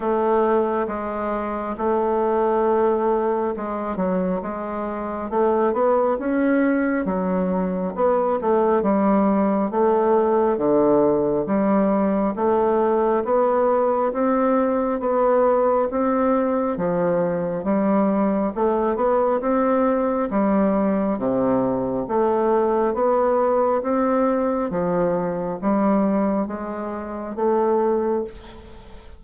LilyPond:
\new Staff \with { instrumentName = "bassoon" } { \time 4/4 \tempo 4 = 68 a4 gis4 a2 | gis8 fis8 gis4 a8 b8 cis'4 | fis4 b8 a8 g4 a4 | d4 g4 a4 b4 |
c'4 b4 c'4 f4 | g4 a8 b8 c'4 g4 | c4 a4 b4 c'4 | f4 g4 gis4 a4 | }